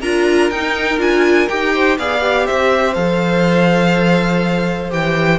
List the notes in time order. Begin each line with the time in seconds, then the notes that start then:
0.00 D4 F4 A#4 A#5
0.49 D#4 G5
0.98 D4 F4 G#5
1.48 D#4 G4 G5
1.73 C5
1.98 B3 G#4 D5 F5
2.20 G4
2.46 C4 C5 E5
2.94 F3 A4 F5
4.90 E3 G4 G5